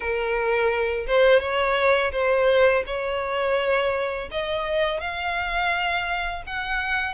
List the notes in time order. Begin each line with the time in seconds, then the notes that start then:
0.00 A#4
1.06 C5
1.40 C#5
2.12 C5
2.86 C#5
4.31 D#5
5.00 F5
6.46 F#5